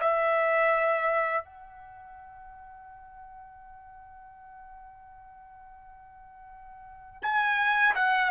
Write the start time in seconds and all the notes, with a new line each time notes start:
0.00 E5
1.44 F#5
7.22 G#5
7.95 F#5